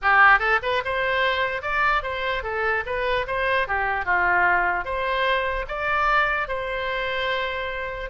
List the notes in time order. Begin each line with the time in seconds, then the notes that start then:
0.02 G4
0.39 A4
0.62 B4
0.84 C5
1.62 D5
2.02 C5
2.43 A4
2.86 B4
3.27 C5
3.67 G4
4.05 F4
4.84 C5
5.68 D5
6.48 C5